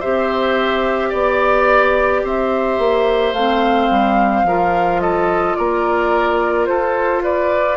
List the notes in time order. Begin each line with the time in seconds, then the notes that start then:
0.00 C4 G4 C5 E5
1.10 B3 D5
2.23 C4 C5 E5
2.78 A#3
3.33 A3 C4 F5
3.90 G3
4.44 F3 F4 A#4
5.01 A4 D#5
5.55 A#3 A#4 D5
6.66 F4 A4 C5
7.23 B4 D5